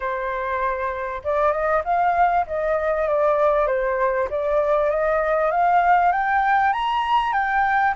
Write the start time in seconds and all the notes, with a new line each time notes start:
0.00 C5
1.24 D5
1.51 D#5
1.84 F5
2.47 D#5
3.08 D5
3.67 C5
4.29 D5
4.90 D#5
5.51 F5
6.12 G5
6.73 A#5
7.32 G5